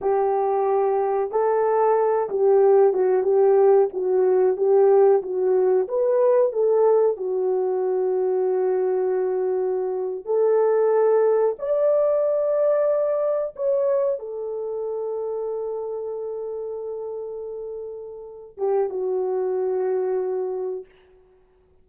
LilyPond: \new Staff \with { instrumentName = "horn" } { \time 4/4 \tempo 4 = 92 g'2 a'4. g'8~ | g'8 fis'8 g'4 fis'4 g'4 | fis'4 b'4 a'4 fis'4~ | fis'2.~ fis'8. a'16~ |
a'4.~ a'16 d''2~ d''16~ | d''8. cis''4 a'2~ a'16~ | a'1~ | a'8 g'8 fis'2. | }